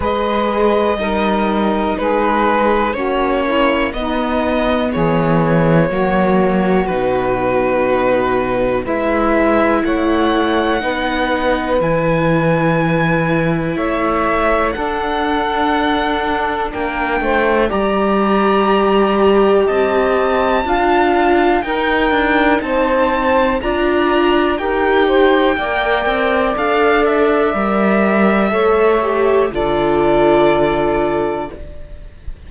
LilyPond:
<<
  \new Staff \with { instrumentName = "violin" } { \time 4/4 \tempo 4 = 61 dis''2 b'4 cis''4 | dis''4 cis''2 b'4~ | b'4 e''4 fis''2 | gis''2 e''4 fis''4~ |
fis''4 g''4 ais''2 | a''2 g''4 a''4 | ais''4 g''2 f''8 e''8~ | e''2 d''2 | }
  \new Staff \with { instrumentName = "saxophone" } { \time 4/4 b'4 ais'4 gis'4 fis'8 e'8 | dis'4 gis'4 fis'2~ | fis'4 b'4 cis''4 b'4~ | b'2 cis''4 a'4~ |
a'4 ais'8 c''8 d''2 | dis''4 f''4 ais'4 c''4 | d''4 ais'8 c''8 d''2~ | d''4 cis''4 a'2 | }
  \new Staff \with { instrumentName = "viola" } { \time 4/4 gis'4 dis'2 cis'4 | b2 ais4 dis'4~ | dis'4 e'2 dis'4 | e'2. d'4~ |
d'2 g'2~ | g'4 f'4 dis'2 | f'4 g'4 ais'4 a'4 | ais'4 a'8 g'8 f'2 | }
  \new Staff \with { instrumentName = "cello" } { \time 4/4 gis4 g4 gis4 ais4 | b4 e4 fis4 b,4~ | b,4 gis4 a4 b4 | e2 a4 d'4~ |
d'4 ais8 a8 g2 | c'4 d'4 dis'8 d'8 c'4 | d'4 dis'4 ais8 c'8 d'4 | g4 a4 d2 | }
>>